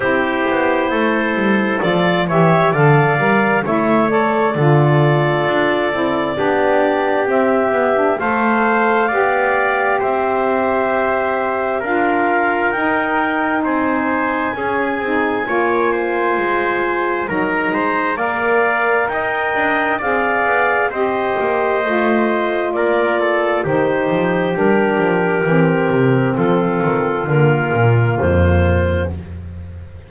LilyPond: <<
  \new Staff \with { instrumentName = "clarinet" } { \time 4/4 \tempo 4 = 66 c''2 d''8 e''8 f''4 | e''8 d''2.~ d''8 | e''4 f''2 e''4~ | e''4 f''4 g''4 gis''4~ |
gis''2. ais''4 | f''4 g''4 f''4 dis''4~ | dis''4 d''4 c''4 ais'4~ | ais'4 a'4 ais'4 c''4 | }
  \new Staff \with { instrumentName = "trumpet" } { \time 4/4 g'4 a'4. cis''8 d''4 | cis''4 a'2 g'4~ | g'4 c''4 d''4 c''4~ | c''4 ais'2 c''4 |
gis'4 cis''8 c''4. ais'8 c''8 | d''4 dis''4 d''4 c''4~ | c''4 ais'8 a'8 g'2~ | g'4 f'2. | }
  \new Staff \with { instrumentName = "saxophone" } { \time 4/4 e'2 f'8 g'8 a'8 ais'8 | e'8 a'8 f'4. e'8 d'4 | c'8 b16 d'16 a'4 g'2~ | g'4 f'4 dis'2 |
cis'8 dis'8 f'2 dis'4 | ais'2 gis'4 g'4 | f'2 dis'4 d'4 | c'2 ais2 | }
  \new Staff \with { instrumentName = "double bass" } { \time 4/4 c'8 b8 a8 g8 f8 e8 d8 g8 | a4 d4 d'8 c'8 b4 | c'8 b8 a4 b4 c'4~ | c'4 d'4 dis'4 c'4 |
cis'8 c'8 ais4 gis4 fis8 gis8 | ais4 dis'8 d'8 c'8 b8 c'8 ais8 | a4 ais4 dis8 f8 g8 f8 | e8 c8 f8 dis8 d8 ais,8 f,4 | }
>>